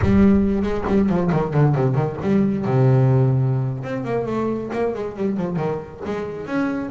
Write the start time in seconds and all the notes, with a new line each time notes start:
0.02 G3
0.62 G#3
0.87 G3
1.09 F3
1.32 D#3
1.53 D3
1.74 C3
1.94 D#3
2.22 G3
2.65 C3
3.83 C4
4.04 A#3
4.26 A3
4.72 A#3
4.94 G#3
5.16 G3
5.37 F3
5.56 D#3
6.05 G#3
6.46 C#4